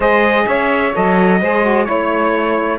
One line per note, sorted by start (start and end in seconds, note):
0.00 0.45 G#3
0.00 0.92 G#4
0.00 0.45 C5
0.00 0.46 D#5
0.46 0.94 C#4
0.46 1.40 C#5
0.46 0.93 E5
0.94 1.41 F#3
0.94 1.40 A4
0.94 1.84 D#5
1.41 1.88 G#3
1.41 1.62 G#4
1.41 1.87 C5
1.62 1.84 F#4
1.84 2.79 A3
1.84 2.78 E4
1.84 2.77 C#5
1.84 2.79 C#5